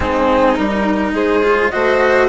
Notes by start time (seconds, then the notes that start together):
0.00 G#3 C4 D#4 G#4
0.55 G3 D#4 A#4
1.12 G#3 G#4 C5
1.43 F4
1.70 A3 F#4 C5 D#5